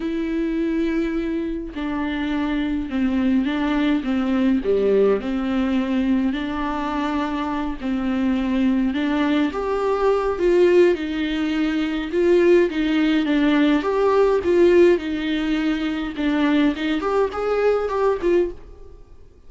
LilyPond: \new Staff \with { instrumentName = "viola" } { \time 4/4 \tempo 4 = 104 e'2. d'4~ | d'4 c'4 d'4 c'4 | g4 c'2 d'4~ | d'4. c'2 d'8~ |
d'8 g'4. f'4 dis'4~ | dis'4 f'4 dis'4 d'4 | g'4 f'4 dis'2 | d'4 dis'8 g'8 gis'4 g'8 f'8 | }